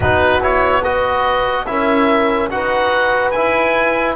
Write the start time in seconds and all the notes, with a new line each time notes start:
0.00 B3 D#4 F#4 B4
0.41 E4 C#5
0.83 F#4 B4 D#5
1.66 C#4 E4 A#4 E5
2.49 D#4 F#4 B4 F#5
3.31 E4 G#5